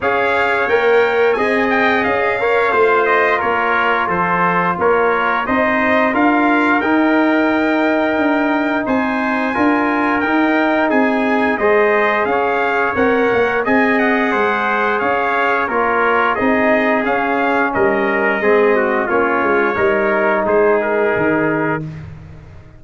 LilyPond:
<<
  \new Staff \with { instrumentName = "trumpet" } { \time 4/4 \tempo 4 = 88 f''4 g''4 gis''8 g''8 f''4~ | f''8 dis''8 cis''4 c''4 cis''4 | dis''4 f''4 g''2~ | g''4 gis''2 g''4 |
gis''4 dis''4 f''4 fis''4 | gis''8 fis''4. f''4 cis''4 | dis''4 f''4 dis''2 | cis''2 c''8 ais'4. | }
  \new Staff \with { instrumentName = "trumpet" } { \time 4/4 cis''2 dis''4. cis''8 | c''4 ais'4 a'4 ais'4 | c''4 ais'2.~ | ais'4 c''4 ais'2 |
gis'4 c''4 cis''2 | dis''4 c''4 cis''4 ais'4 | gis'2 ais'4 gis'8 fis'8 | f'4 ais'4 gis'2 | }
  \new Staff \with { instrumentName = "trombone" } { \time 4/4 gis'4 ais'4 gis'4. ais'8 | f'1 | dis'4 f'4 dis'2~ | dis'2 f'4 dis'4~ |
dis'4 gis'2 ais'4 | gis'2. f'4 | dis'4 cis'2 c'4 | cis'4 dis'2. | }
  \new Staff \with { instrumentName = "tuba" } { \time 4/4 cis'4 ais4 c'4 cis'4 | a4 ais4 f4 ais4 | c'4 d'4 dis'2 | d'4 c'4 d'4 dis'4 |
c'4 gis4 cis'4 c'8 ais8 | c'4 gis4 cis'4 ais4 | c'4 cis'4 g4 gis4 | ais8 gis8 g4 gis4 dis4 | }
>>